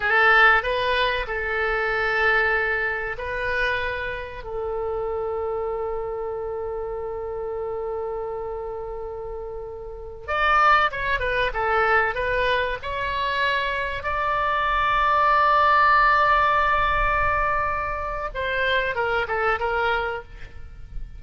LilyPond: \new Staff \with { instrumentName = "oboe" } { \time 4/4 \tempo 4 = 95 a'4 b'4 a'2~ | a'4 b'2 a'4~ | a'1~ | a'1~ |
a'16 d''4 cis''8 b'8 a'4 b'8.~ | b'16 cis''2 d''4.~ d''16~ | d''1~ | d''4 c''4 ais'8 a'8 ais'4 | }